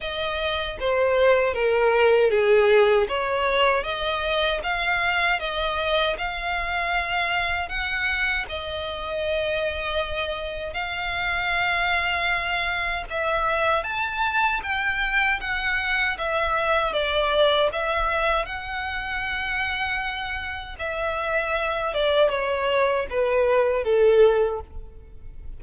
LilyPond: \new Staff \with { instrumentName = "violin" } { \time 4/4 \tempo 4 = 78 dis''4 c''4 ais'4 gis'4 | cis''4 dis''4 f''4 dis''4 | f''2 fis''4 dis''4~ | dis''2 f''2~ |
f''4 e''4 a''4 g''4 | fis''4 e''4 d''4 e''4 | fis''2. e''4~ | e''8 d''8 cis''4 b'4 a'4 | }